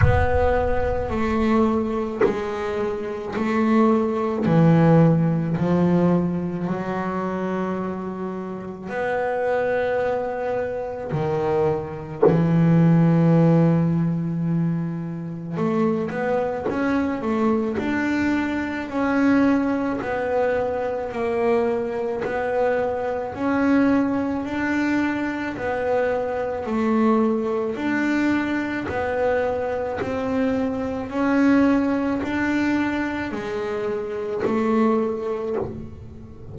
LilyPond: \new Staff \with { instrumentName = "double bass" } { \time 4/4 \tempo 4 = 54 b4 a4 gis4 a4 | e4 f4 fis2 | b2 dis4 e4~ | e2 a8 b8 cis'8 a8 |
d'4 cis'4 b4 ais4 | b4 cis'4 d'4 b4 | a4 d'4 b4 c'4 | cis'4 d'4 gis4 a4 | }